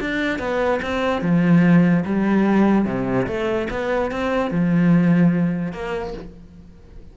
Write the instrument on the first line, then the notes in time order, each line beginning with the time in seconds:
cello
0.00 D4
0.39 B3
0.82 C4
1.21 F3
2.05 G3
2.85 C3
3.27 A3
3.70 B3
4.11 C4
4.51 F3
5.72 A#3